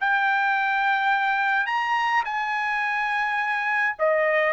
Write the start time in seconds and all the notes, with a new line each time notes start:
0.00 G5
1.66 A#5
2.24 G#5
3.98 D#5